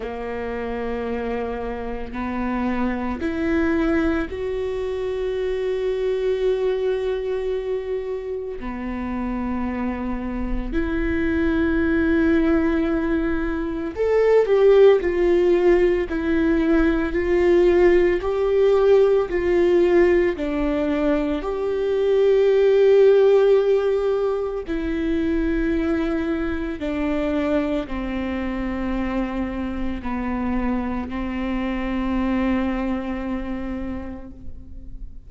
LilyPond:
\new Staff \with { instrumentName = "viola" } { \time 4/4 \tempo 4 = 56 ais2 b4 e'4 | fis'1 | b2 e'2~ | e'4 a'8 g'8 f'4 e'4 |
f'4 g'4 f'4 d'4 | g'2. e'4~ | e'4 d'4 c'2 | b4 c'2. | }